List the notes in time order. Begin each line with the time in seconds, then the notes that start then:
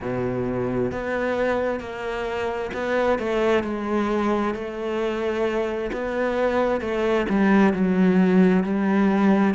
0.00 B2
0.91 B3
1.79 A#3
2.73 B3
3.18 A3
3.63 G#3
4.54 A3
5.92 B3
6.80 A3
7.29 G3
7.73 F#3
8.63 G3